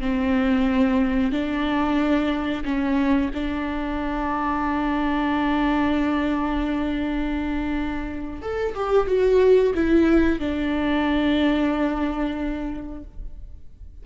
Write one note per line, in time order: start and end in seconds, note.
0.00 1.32 C4
1.32 2.63 D4
2.65 3.31 C#4
3.34 8.42 D4
8.42 8.75 A4
8.75 9.07 G4
9.07 9.73 F#4
9.74 10.39 E4
10.39 13.03 D4